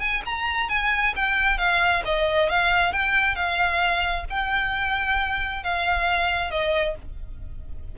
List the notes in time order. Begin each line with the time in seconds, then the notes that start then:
0.00 G#5
0.26 A#5
0.69 G#5
1.16 G5
1.58 F5
2.05 D#5
2.50 F5
2.93 G5
3.35 F5
4.30 G5
5.64 F5
6.51 D#5